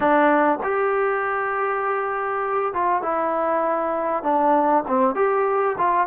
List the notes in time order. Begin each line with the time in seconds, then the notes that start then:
0.00 D4
0.63 G4
2.73 F4
3.02 E4
4.23 D4
4.87 C4
5.15 G4
5.78 F4